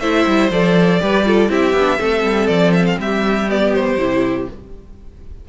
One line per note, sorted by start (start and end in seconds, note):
0.00 0.26 A3
0.00 0.52 E4
0.00 1.01 C5
0.00 0.50 E5
0.27 0.51 G3
0.51 1.00 F3
0.51 1.00 A4
0.51 1.52 D5
1.00 1.50 G3
1.00 1.25 G4
1.00 1.26 B4
1.25 1.49 F4
1.25 1.51 A4
1.49 1.74 C4
1.49 1.74 E4
1.49 1.99 G4
1.49 2.47 E5
1.74 1.99 B3
1.74 1.98 D4
1.98 2.24 A3
1.98 3.47 C4
1.98 2.98 A4
2.24 2.49 G3
2.47 2.98 F3
2.47 2.72 D5
2.74 2.86 E5
2.86 2.99 F5
2.99 3.98 G3
2.99 4.49 G4
2.99 3.50 E5
3.49 3.99 B3
3.49 3.74 D5
3.74 4.49 C5
3.98 4.48 C3
3.98 4.48 E4